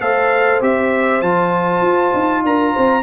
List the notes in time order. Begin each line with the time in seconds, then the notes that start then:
0.00 A3 A4 C5 F5
0.61 C4 G4 E5
1.21 F3 F4 A5
1.81 F4
2.14 D#4
2.43 D4 A#4 A#5
2.73 C4 C5